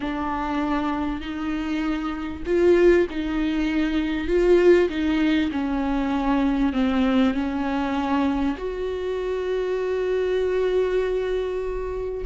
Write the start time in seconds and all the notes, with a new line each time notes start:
0.00 D4
1.20 D#4
2.46 F4
3.09 D#4
4.27 F4
4.89 D#4
5.51 C#4
6.72 C4
7.33 C#4
8.57 F#4